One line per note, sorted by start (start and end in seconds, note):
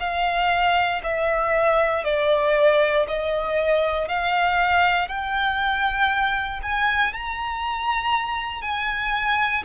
0.00 1.02 F5
1.04 2.05 E5
2.05 3.06 D5
3.08 4.09 D#5
4.09 5.08 F5
5.08 6.61 G5
6.63 7.14 G#5
7.14 8.62 A#5
8.62 9.64 G#5